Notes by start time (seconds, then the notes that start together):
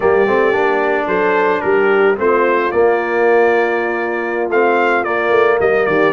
0.00 G3 A#3 G4 D5
0.27 A3 C4
0.52 A#3 D4
1.07 F#3 A4 C5
1.61 G3 G4 A#4
2.16 A3 C4 F4 C5
2.71 A#3 D5
4.49 A3 C4 F5
5.03 A#3 D5
5.30 A3
5.59 G3 A#4 D#5
5.85 D#3 G4 D5